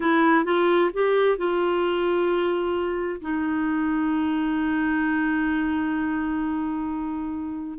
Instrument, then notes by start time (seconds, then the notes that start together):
clarinet
0.00 E4
0.45 F4
0.93 G4
1.37 F4
3.21 D#4